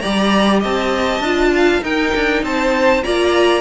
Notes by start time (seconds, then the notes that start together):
0.00 G3 G4 D5 A#5
0.60 C4 D#5 A5
1.20 D4 F4
1.56 F5
1.82 D#4 A#4 G5
2.15 D4
2.44 C4 C5 A5
3.04 A#3 F4 D5 A#5